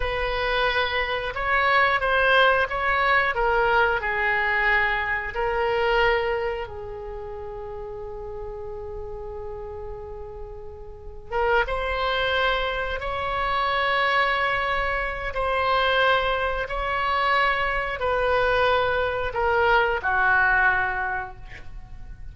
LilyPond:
\new Staff \with { instrumentName = "oboe" } { \time 4/4 \tempo 4 = 90 b'2 cis''4 c''4 | cis''4 ais'4 gis'2 | ais'2 gis'2~ | gis'1~ |
gis'4 ais'8 c''2 cis''8~ | cis''2. c''4~ | c''4 cis''2 b'4~ | b'4 ais'4 fis'2 | }